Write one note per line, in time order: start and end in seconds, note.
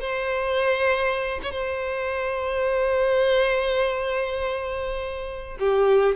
0.00 1.40 C5
1.42 1.51 C#5
1.51 5.58 C5
5.59 6.15 G4